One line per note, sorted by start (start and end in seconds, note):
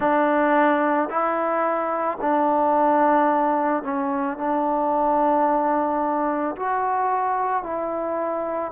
0.00 1.09 D4
1.09 2.18 E4
2.20 3.83 D4
3.83 4.37 C#4
4.37 6.55 D4
6.56 7.63 F#4
7.63 8.72 E4